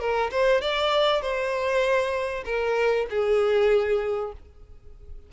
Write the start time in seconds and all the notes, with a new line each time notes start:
0.00 A#4
0.31 C5
0.62 D5
1.22 C5
2.45 A#4
3.10 G#4